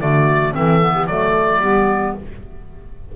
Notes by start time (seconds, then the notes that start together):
0.00 D3 A3 F#4 D5
0.53 E3 C4 A4 E5
0.81 B3
0.95 G4
1.07 F#3 A3 A4 D5
1.61 G3 B3 G4